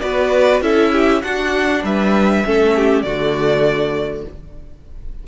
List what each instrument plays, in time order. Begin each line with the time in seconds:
0.00 cello B3, viola F#4, violin B4 D5
0.61 cello C#4, viola E4, violin A4 E5
0.92 violin G4
1.22 viola D4, cello D4, violin F#4 F#5
1.83 cello G3, violin B4 E5
2.45 cello A3, viola C#4, violin A4
2.76 violin G4
3.02 cello D3, viola A3, violin F#4 D5